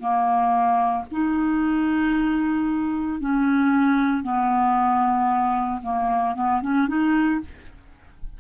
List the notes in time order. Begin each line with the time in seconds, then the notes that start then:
0.00 A#3
1.11 D#4
3.20 C#4
4.23 B3
5.83 A#3
6.35 B3
6.62 C#4
6.88 D#4